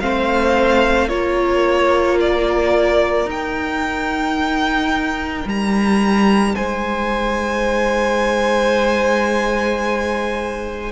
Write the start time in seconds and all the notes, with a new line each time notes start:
0.00 A3 C4 C5 F5
1.08 A#3 F4 A#4 C#5
2.20 D5
3.25 D#4 G5
5.45 G3 A#5
6.55 G#3 C5 G#5